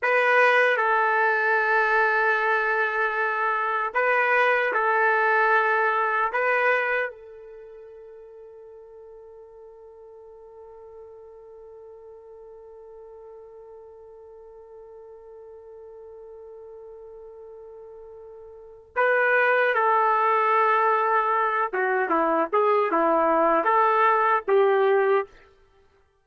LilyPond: \new Staff \with { instrumentName = "trumpet" } { \time 4/4 \tempo 4 = 76 b'4 a'2.~ | a'4 b'4 a'2 | b'4 a'2.~ | a'1~ |
a'1~ | a'1 | b'4 a'2~ a'8 fis'8 | e'8 gis'8 e'4 a'4 g'4 | }